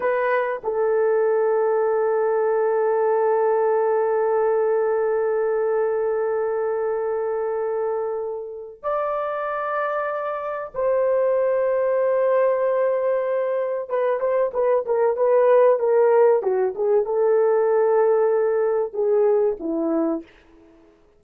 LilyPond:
\new Staff \with { instrumentName = "horn" } { \time 4/4 \tempo 4 = 95 b'4 a'2.~ | a'1~ | a'1~ | a'2 d''2~ |
d''4 c''2.~ | c''2 b'8 c''8 b'8 ais'8 | b'4 ais'4 fis'8 gis'8 a'4~ | a'2 gis'4 e'4 | }